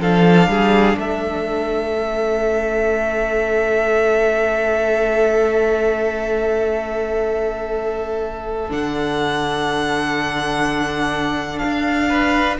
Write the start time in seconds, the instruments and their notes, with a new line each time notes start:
0.00 cello F3, viola D4, violin A4 F5
0.47 cello G3, violin G#4
0.96 cello A3, violin A4 E5
1.94 viola C#4
8.69 cello D3, viola D4, violin F#5
11.58 cello D4, violin F5
12.09 violin B4